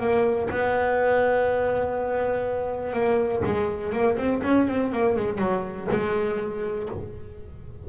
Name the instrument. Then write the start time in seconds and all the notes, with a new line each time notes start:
double bass
0.00 A#3
0.50 B3
2.94 A#3
3.45 G#3
3.93 A#3
4.17 C4
4.43 C#4
4.68 C4
4.92 A#3
5.17 G#3
5.38 F#3
5.91 G#3